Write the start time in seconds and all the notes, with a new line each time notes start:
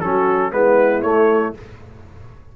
0.00 F#3 C#4 F#4 A4
0.51 G#3 B3 E4 B4
1.02 A3 C#5